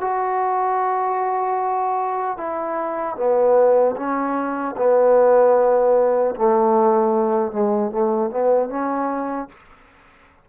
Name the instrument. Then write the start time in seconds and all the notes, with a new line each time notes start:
trombone
0.00 F#4
2.37 E4
3.16 B3
3.96 C#4
4.77 B3
6.35 A3
7.51 G#3
7.91 A3
8.30 B3
8.69 C#4